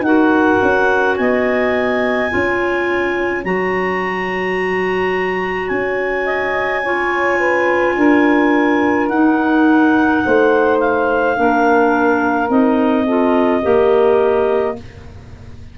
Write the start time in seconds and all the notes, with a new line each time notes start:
0.00 D#4 F#4 A#4 F#5
0.62 C#4
1.17 B3 D#5 G#5
2.31 C#4 F4 C#5
3.45 F#3 F#4 A#5
5.68 C#4 G#5
6.25 D#5
6.83 F4 C#5
7.38 B4
7.97 D4 A#4
9.09 D#4 F#5
10.25 A3 C5
10.80 F5
11.36 A#3 D4 A#4
12.49 C4 D#4 D#5
13.04 F4 A4
13.62 A#3 G4 A#4